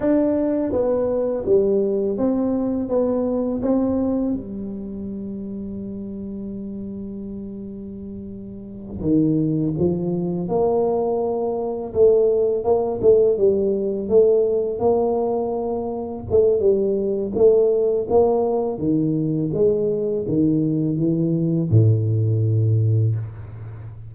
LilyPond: \new Staff \with { instrumentName = "tuba" } { \time 4/4 \tempo 4 = 83 d'4 b4 g4 c'4 | b4 c'4 g2~ | g1~ | g8 dis4 f4 ais4.~ |
ais8 a4 ais8 a8 g4 a8~ | a8 ais2 a8 g4 | a4 ais4 dis4 gis4 | dis4 e4 a,2 | }